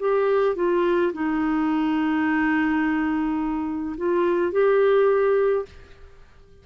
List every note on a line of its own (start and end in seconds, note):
0.00 0.56 G4
0.56 1.13 F4
1.14 3.97 D#4
3.98 4.52 F4
4.52 5.66 G4